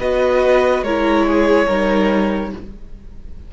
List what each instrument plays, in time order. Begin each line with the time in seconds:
0.00 cello B3, viola F#4, violin B4 D#5
0.83 cello G#3, viola E4, violin A#4 C#5
1.27 violin G#4
1.67 cello G3, viola D#4, violin A#4